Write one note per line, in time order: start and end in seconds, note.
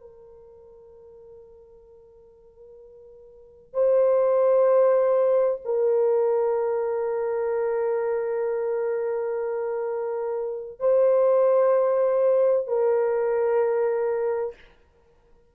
0.00 3.73 A#4
3.73 5.61 C5
5.65 10.79 A#4
10.79 12.66 C5
12.67 14.54 A#4